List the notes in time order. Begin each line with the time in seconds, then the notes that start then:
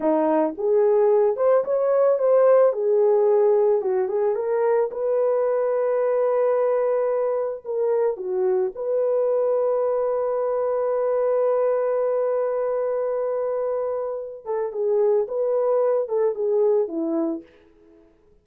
0.00 D#4
0.57 G#4
1.36 C5
1.64 C#5
2.18 C5
2.72 G#4
3.81 F#4
4.08 G#4
4.35 A#4
4.91 B4
7.65 A#4
8.16 F#4
8.75 B4
14.45 A4
14.72 G#4
15.28 B4
16.08 A4
16.35 G#4
16.87 E4